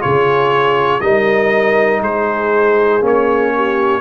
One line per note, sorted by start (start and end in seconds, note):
0.00 1.01 C#3
0.00 1.00 F4
0.00 1.01 G#4
0.00 1.01 C#5
1.01 2.01 G3
1.01 3.01 D#4
1.01 2.02 A#4
1.01 2.01 D#5
2.01 3.01 G#3
2.01 3.52 G#4
2.01 3.03 C5
3.01 4.01 A#3
3.01 4.01 C#4
3.01 4.01 C#5
3.56 4.01 G4